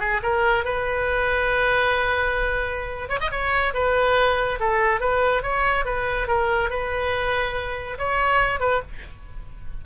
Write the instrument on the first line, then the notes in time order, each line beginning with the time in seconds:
oboe
0.00 G#4
0.23 A#4
0.65 B4
3.09 C#5
3.20 D#5
3.31 C#5
3.74 B4
4.60 A4
5.00 B4
5.43 C#5
5.85 B4
6.27 A#4
6.70 B4
7.98 C#5
8.60 B4